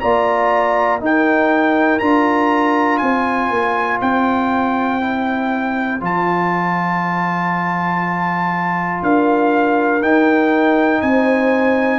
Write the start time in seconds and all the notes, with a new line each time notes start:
0.00 A#3 F4 D5 A#5
1.00 D#4 A#4 G5
1.99 D4 F4 A#5
2.98 C4 C5 G#5
3.50 A#3
4.01 C4 G5
5.01 E4
6.00 F3 F4 A5
9.02 D4 A#4 F5
10.01 D#4 G5
11.01 C4 C5 G#5